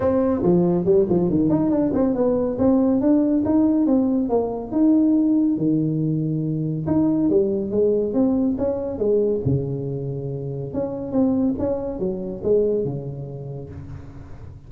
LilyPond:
\new Staff \with { instrumentName = "tuba" } { \time 4/4 \tempo 4 = 140 c'4 f4 g8 f8 dis8 dis'8 | d'8 c'8 b4 c'4 d'4 | dis'4 c'4 ais4 dis'4~ | dis'4 dis2. |
dis'4 g4 gis4 c'4 | cis'4 gis4 cis2~ | cis4 cis'4 c'4 cis'4 | fis4 gis4 cis2 | }